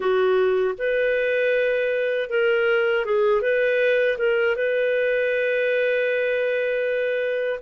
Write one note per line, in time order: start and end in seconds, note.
0.00 0.74 F#4
0.78 2.29 B4
2.29 3.05 A#4
3.05 3.41 G#4
3.41 4.17 B4
4.18 4.56 A#4
4.56 7.59 B4